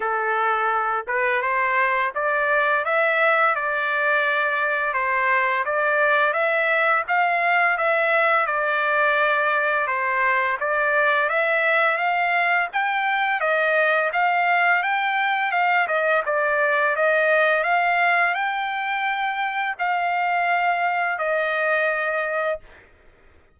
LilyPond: \new Staff \with { instrumentName = "trumpet" } { \time 4/4 \tempo 4 = 85 a'4. b'8 c''4 d''4 | e''4 d''2 c''4 | d''4 e''4 f''4 e''4 | d''2 c''4 d''4 |
e''4 f''4 g''4 dis''4 | f''4 g''4 f''8 dis''8 d''4 | dis''4 f''4 g''2 | f''2 dis''2 | }